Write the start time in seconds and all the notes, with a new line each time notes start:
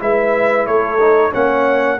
0.00 G#3 E4 B4 E5
0.67 A3 A4 C#5
1.00 D#4
1.32 A#3 C#4 C#5 F#5